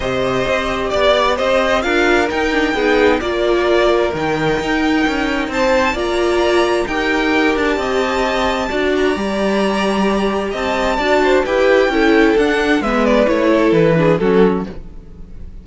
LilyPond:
<<
  \new Staff \with { instrumentName = "violin" } { \time 4/4 \tempo 4 = 131 dis''2 d''4 dis''4 | f''4 g''2 d''4~ | d''4 g''2. | a''4 ais''2 g''4~ |
g''8 a''2. ais''8~ | ais''2. a''4~ | a''4 g''2 fis''4 | e''8 d''8 cis''4 b'4 a'4 | }
  \new Staff \with { instrumentName = "violin" } { \time 4/4 c''2 d''4 c''4 | ais'2 gis'4 ais'4~ | ais'1 | c''4 d''2 ais'4~ |
ais'4 dis''2 d''4~ | d''2. dis''4 | d''8 c''8 b'4 a'2 | b'4. a'4 gis'8 fis'4 | }
  \new Staff \with { instrumentName = "viola" } { \time 4/4 g'1 | f'4 dis'8 d'8 dis'4 f'4~ | f'4 dis'2.~ | dis'4 f'2 g'4~ |
g'2. fis'4 | g'1 | fis'4 g'4 e'4 d'4 | b4 e'4. d'8 cis'4 | }
  \new Staff \with { instrumentName = "cello" } { \time 4/4 c4 c'4 b4 c'4 | d'4 dis'4 b4 ais4~ | ais4 dis4 dis'4 cis'4 | c'4 ais2 dis'4~ |
dis'8 d'8 c'2 d'4 | g2. c'4 | d'4 e'4 cis'4 d'4 | gis4 a4 e4 fis4 | }
>>